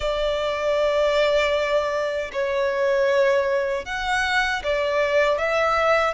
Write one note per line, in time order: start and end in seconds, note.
0.00 2.31 D5
2.32 3.85 C#5
3.85 4.62 F#5
4.63 5.38 D5
5.38 6.14 E5